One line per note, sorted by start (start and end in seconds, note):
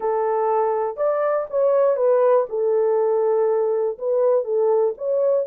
0.00 0.96 A4
0.96 1.46 D5
1.50 1.96 C#5
1.96 2.45 B4
2.49 3.97 A4
3.98 4.44 B4
4.44 4.93 A4
4.97 5.46 C#5